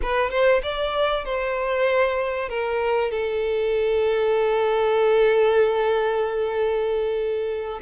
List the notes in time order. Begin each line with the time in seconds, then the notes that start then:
0.01 B4
0.30 C5
0.62 D5
1.24 C5
2.49 A#4
3.11 A4